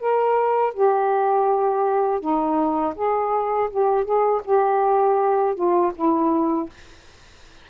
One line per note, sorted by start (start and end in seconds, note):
0.00 0.74 A#4
0.74 2.20 G4
2.20 2.94 D#4
2.96 3.70 G#4
3.70 4.05 G4
4.05 4.42 G#4
4.45 5.55 G4
5.55 5.92 F4
5.96 6.70 E4